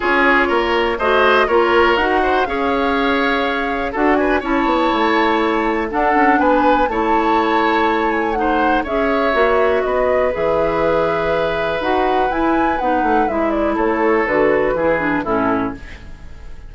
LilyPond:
<<
  \new Staff \with { instrumentName = "flute" } { \time 4/4 \tempo 4 = 122 cis''2 dis''4 cis''4 | fis''4 f''2. | fis''8 gis''8 a''2. | fis''4 gis''4 a''2~ |
a''8 gis''8 fis''4 e''2 | dis''4 e''2. | fis''4 gis''4 fis''4 e''8 d''8 | cis''4 b'2 a'4 | }
  \new Staff \with { instrumentName = "oboe" } { \time 4/4 gis'4 ais'4 c''4 ais'4~ | ais'8 c''8 cis''2. | a'8 b'8 cis''2. | a'4 b'4 cis''2~ |
cis''4 c''4 cis''2 | b'1~ | b'1 | a'2 gis'4 e'4 | }
  \new Staff \with { instrumentName = "clarinet" } { \time 4/4 f'2 fis'4 f'4 | fis'4 gis'2. | fis'4 e'2. | d'2 e'2~ |
e'4 dis'4 gis'4 fis'4~ | fis'4 gis'2. | fis'4 e'4 dis'4 e'4~ | e'4 fis'4 e'8 d'8 cis'4 | }
  \new Staff \with { instrumentName = "bassoon" } { \time 4/4 cis'4 ais4 a4 ais4 | dis'4 cis'2. | d'4 cis'8 b8 a2 | d'8 cis'8 b4 a2~ |
a2 cis'4 ais4 | b4 e2. | dis'4 e'4 b8 a8 gis4 | a4 d4 e4 a,4 | }
>>